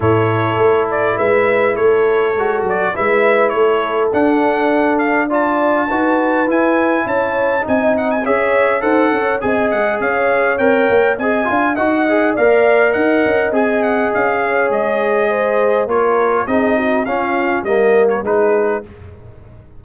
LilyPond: <<
  \new Staff \with { instrumentName = "trumpet" } { \time 4/4 \tempo 4 = 102 cis''4. d''8 e''4 cis''4~ | cis''8 d''8 e''4 cis''4 fis''4~ | fis''8 f''8 a''2 gis''4 | a''4 gis''8 fis''16 gis''16 e''4 fis''4 |
gis''8 fis''8 f''4 g''4 gis''4 | fis''4 f''4 fis''4 gis''8 fis''8 | f''4 dis''2 cis''4 | dis''4 f''4 dis''8. cis''16 b'4 | }
  \new Staff \with { instrumentName = "horn" } { \time 4/4 a'2 b'4 a'4~ | a'4 b'4 a'2~ | a'4 d''4 b'2 | cis''4 dis''4 cis''4 c''8 cis''8 |
dis''4 cis''2 dis''8 f''8 | dis''4 d''4 dis''2~ | dis''8 cis''4. c''4 ais'4 | gis'8 fis'8 f'4 ais'4 gis'4 | }
  \new Staff \with { instrumentName = "trombone" } { \time 4/4 e'1 | fis'4 e'2 d'4~ | d'4 f'4 fis'4 e'4~ | e'4 dis'4 gis'4 a'4 |
gis'2 ais'4 gis'8 f'8 | fis'8 gis'8 ais'2 gis'4~ | gis'2. f'4 | dis'4 cis'4 ais4 dis'4 | }
  \new Staff \with { instrumentName = "tuba" } { \time 4/4 a,4 a4 gis4 a4 | gis8 fis8 gis4 a4 d'4~ | d'2 dis'4 e'4 | cis'4 c'4 cis'4 dis'8 cis'8 |
c'8 gis8 cis'4 c'8 ais8 c'8 d'8 | dis'4 ais4 dis'8 cis'8 c'4 | cis'4 gis2 ais4 | c'4 cis'4 g4 gis4 | }
>>